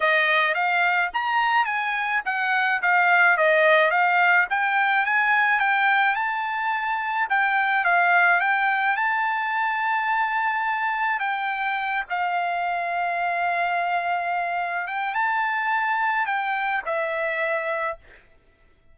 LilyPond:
\new Staff \with { instrumentName = "trumpet" } { \time 4/4 \tempo 4 = 107 dis''4 f''4 ais''4 gis''4 | fis''4 f''4 dis''4 f''4 | g''4 gis''4 g''4 a''4~ | a''4 g''4 f''4 g''4 |
a''1 | g''4. f''2~ f''8~ | f''2~ f''8 g''8 a''4~ | a''4 g''4 e''2 | }